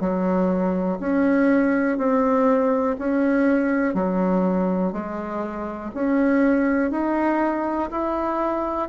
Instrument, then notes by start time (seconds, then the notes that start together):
bassoon
0.00 F#3
1.00 C#4
1.98 C4
2.98 C#4
3.94 F#3
4.92 G#3
5.94 C#4
6.91 D#4
7.90 E4